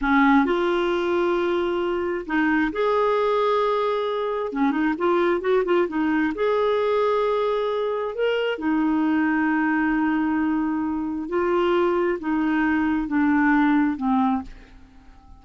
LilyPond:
\new Staff \with { instrumentName = "clarinet" } { \time 4/4 \tempo 4 = 133 cis'4 f'2.~ | f'4 dis'4 gis'2~ | gis'2 cis'8 dis'8 f'4 | fis'8 f'8 dis'4 gis'2~ |
gis'2 ais'4 dis'4~ | dis'1~ | dis'4 f'2 dis'4~ | dis'4 d'2 c'4 | }